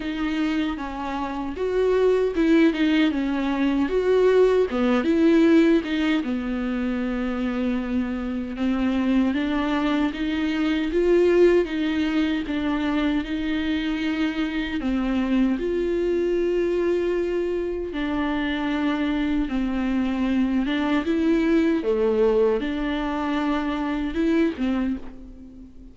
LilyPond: \new Staff \with { instrumentName = "viola" } { \time 4/4 \tempo 4 = 77 dis'4 cis'4 fis'4 e'8 dis'8 | cis'4 fis'4 b8 e'4 dis'8 | b2. c'4 | d'4 dis'4 f'4 dis'4 |
d'4 dis'2 c'4 | f'2. d'4~ | d'4 c'4. d'8 e'4 | a4 d'2 e'8 c'8 | }